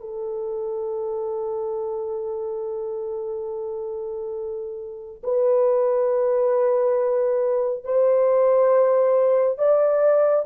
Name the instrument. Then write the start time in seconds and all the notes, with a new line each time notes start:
horn
0.00 A4
5.23 B4
7.84 C5
9.58 D5